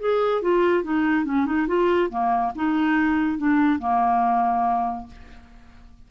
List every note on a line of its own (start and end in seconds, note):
0.00 0.42 G#4
0.42 0.84 F4
0.84 1.25 D#4
1.25 1.46 C#4
1.46 1.67 D#4
1.68 2.10 F4
2.10 2.53 A#3
2.56 3.38 D#4
3.38 3.79 D4
3.79 5.07 A#3